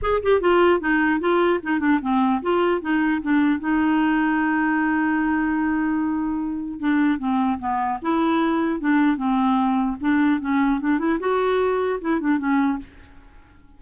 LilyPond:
\new Staff \with { instrumentName = "clarinet" } { \time 4/4 \tempo 4 = 150 gis'8 g'8 f'4 dis'4 f'4 | dis'8 d'8 c'4 f'4 dis'4 | d'4 dis'2.~ | dis'1~ |
dis'4 d'4 c'4 b4 | e'2 d'4 c'4~ | c'4 d'4 cis'4 d'8 e'8 | fis'2 e'8 d'8 cis'4 | }